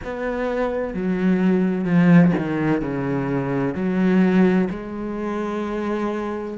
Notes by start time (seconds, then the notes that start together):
0.04 B3
0.94 F#3
1.85 F3
2.37 D#3
2.81 C#3
3.75 F#3
4.70 G#3